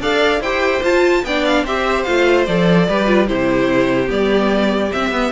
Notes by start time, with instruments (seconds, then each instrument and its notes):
0.00 cello D4, viola A4, violin D5 F5
0.40 cello E4, viola G4, violin C5 G5
0.82 viola F4, cello F4, violin A5
1.24 cello B3, viola D4, violin D5 G5
1.45 violin F5
1.64 cello C4, viola G4, violin C5 E5
2.03 cello A3, viola F4, violin F5
2.46 cello F3, viola A4, violin D5
2.88 cello G3, viola G4, violin B4
3.06 viola F4
3.27 cello C3, viola E4, violin G4 C5
4.07 cello G3, viola B3, violin D5
4.92 viola C4, cello C4, violin E5
5.11 cello B3, viola B3